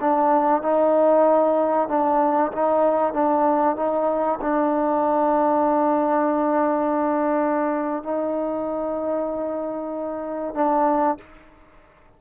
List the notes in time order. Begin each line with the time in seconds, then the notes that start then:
0.00 D4
0.62 D#4
1.88 D4
2.51 D#4
3.13 D4
3.76 D#4
4.41 D4
8.03 D#4
10.54 D4